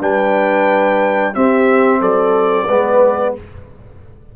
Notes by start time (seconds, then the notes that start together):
0.00 G3 D4 B4 G5
1.34 C4 G4 E5
2.00 F#3 A4 D5
2.65 G#3 B3 B4